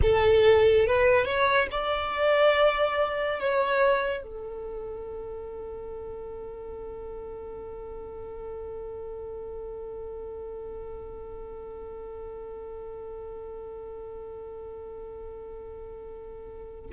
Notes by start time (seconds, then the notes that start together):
0.02 A4
0.86 B4
1.25 C#5
1.71 D5
3.39 C#5
4.23 A4